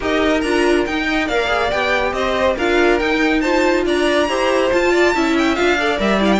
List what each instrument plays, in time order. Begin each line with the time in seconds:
0.00 cello D#4, viola G4, violin A#4 D#5
0.41 cello D4, viola F4, violin A#5
0.85 viola D#4, cello D#4, violin G5
1.08 violin D#5
1.26 cello A#3, viola A#4, violin D5 F5
1.47 viola G#4
1.70 cello B3, viola G4, violin G5
2.12 cello C4, violin C5 D#5
2.56 cello D4, viola F4, violin A#4 F5
2.99 viola D#4, cello D#4, violin G5
3.40 viola F4, violin C5 A5
3.85 cello D4, violin D5 A#5
4.28 cello E4, viola G4, violin C5
4.72 viola F4, cello F4, violin A5
4.91 violin D5
5.14 cello C#4, viola E4, violin E5
5.37 violin G5
5.55 cello D4, viola F4, violin F5
5.79 viola A4, violin D5
5.97 cello G3, viola A#4, violin E5
6.19 viola E4, violin F5
6.32 violin G5